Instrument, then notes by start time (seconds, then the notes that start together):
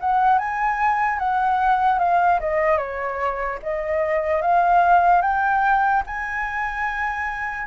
flute
0.00 F#5
0.38 G#5
1.19 F#5
1.99 F5
2.40 D#5
2.78 C#5
3.62 D#5
4.42 F5
5.21 G5
6.07 G#5